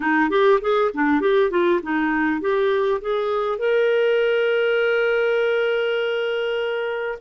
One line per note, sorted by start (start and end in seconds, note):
0.00 0.29 D#4
0.30 0.60 G4
0.61 0.91 G#4
0.94 1.20 D4
1.20 1.50 G4
1.50 1.80 F4
1.82 2.40 D#4
2.40 3.00 G4
3.01 3.58 G#4
3.58 7.18 A#4